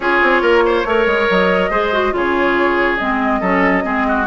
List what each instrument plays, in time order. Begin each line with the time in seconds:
0.00 bassoon C#4, clarinet F4, oboe G#4, flute C#5
0.22 bassoon C4
0.41 bassoon A#3, oboe A#4
0.65 oboe C5
0.84 bassoon A3, clarinet A#4, oboe C#5
1.06 bassoon G#3
1.29 bassoon F#3, flute D#5
1.70 bassoon G#3, clarinet G#4, oboe C5
1.93 clarinet F#4
2.12 bassoon C#3, clarinet F4, oboe G#4, flute C#5
2.96 bassoon G#3, clarinet C4, flute D#5
3.40 bassoon F#3, clarinet C#4, oboe A4
3.83 bassoon G#3, clarinet C4, oboe G#4
4.07 oboe F#4